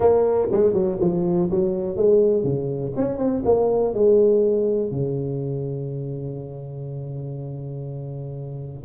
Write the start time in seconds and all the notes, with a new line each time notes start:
0.00 A#3
0.51 G#3
0.73 F#3
1.00 F3
1.50 F#3
1.96 G#3
2.43 C#3
2.96 C#4
3.18 C4
3.44 A#3
3.93 G#3
4.91 C#3